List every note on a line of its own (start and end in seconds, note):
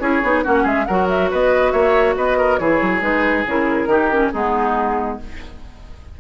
0.00 0.22 C#4
0.00 0.22 E4
0.00 0.44 G#4
0.00 0.43 C#5
0.23 0.45 B3
0.23 0.44 D#4
0.44 0.65 A#3
0.44 0.87 C#4
0.44 0.63 F#4
0.44 0.67 F#5
0.63 0.86 G#3
0.63 0.85 G#4
0.63 0.86 E5
0.86 1.32 F#3
0.86 2.61 F#4
0.86 1.31 A#4
0.86 1.07 F#5
1.09 1.31 E5
1.31 1.73 B3
1.31 1.72 B4
1.31 1.72 D#5
1.72 2.16 A#3
1.72 2.15 C#5
1.72 2.15 E5
2.16 2.60 B3
2.16 2.38 B4
2.16 2.58 D#5
2.38 2.59 A#4
2.58 2.81 E3
2.58 3.01 E4
2.58 3.89 G#4
2.58 3.01 C#5
2.82 3.01 F#3
3.01 3.45 G#3
3.01 3.44 D#4
3.01 3.46 B4
3.47 3.86 C#3
3.47 3.88 E4
3.47 4.33 A#4
3.86 4.30 D#3
3.86 4.10 D#4
3.86 4.32 G4
4.11 4.32 C#4
4.33 5.20 G#3
4.33 5.21 B3
4.33 5.19 D#4
4.33 5.19 G#4